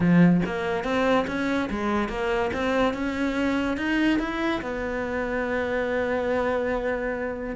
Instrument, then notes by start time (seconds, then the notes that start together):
cello
0.00 F3
0.45 A#3
0.84 C4
1.27 C#4
1.70 G#3
2.09 A#3
2.53 C4
2.93 C#4
3.77 D#4
4.19 E4
4.61 B3